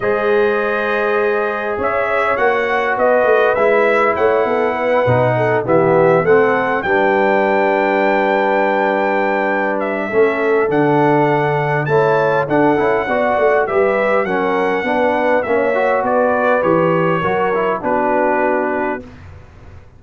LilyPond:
<<
  \new Staff \with { instrumentName = "trumpet" } { \time 4/4 \tempo 4 = 101 dis''2. e''4 | fis''4 dis''4 e''4 fis''4~ | fis''4. e''4 fis''4 g''8~ | g''1~ |
g''8 e''4. fis''2 | a''4 fis''2 e''4 | fis''2 e''4 d''4 | cis''2 b'2 | }
  \new Staff \with { instrumentName = "horn" } { \time 4/4 c''2. cis''4~ | cis''4 b'2 cis''8 a'8 | b'4 a'8 g'4 a'4 b'8~ | b'1~ |
b'4 a'2. | cis''4 a'4 d''4 b'4 | ais'4 b'4 cis''4 b'4~ | b'4 ais'4 fis'2 | }
  \new Staff \with { instrumentName = "trombone" } { \time 4/4 gis'1 | fis'2 e'2~ | e'8 dis'4 b4 c'4 d'8~ | d'1~ |
d'4 cis'4 d'2 | e'4 d'8 e'8 fis'4 g'4 | cis'4 d'4 cis'8 fis'4. | g'4 fis'8 e'8 d'2 | }
  \new Staff \with { instrumentName = "tuba" } { \time 4/4 gis2. cis'4 | ais4 b8 a8 gis4 a8 b8~ | b8 b,4 e4 a4 g8~ | g1~ |
g4 a4 d2 | a4 d'8 cis'8 b8 a8 g4 | fis4 b4 ais4 b4 | e4 fis4 b2 | }
>>